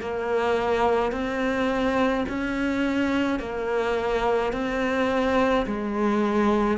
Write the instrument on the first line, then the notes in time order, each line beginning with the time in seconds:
cello
0.00 A#3
1.12 C4
2.28 C#4
3.39 A#3
4.52 C4
5.66 G#3